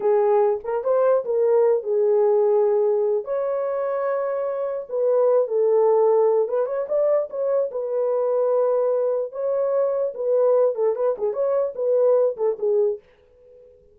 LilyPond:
\new Staff \with { instrumentName = "horn" } { \time 4/4 \tempo 4 = 148 gis'4. ais'8 c''4 ais'4~ | ais'8 gis'2.~ gis'8 | cis''1 | b'4. a'2~ a'8 |
b'8 cis''8 d''4 cis''4 b'4~ | b'2. cis''4~ | cis''4 b'4. a'8 b'8 gis'8 | cis''4 b'4. a'8 gis'4 | }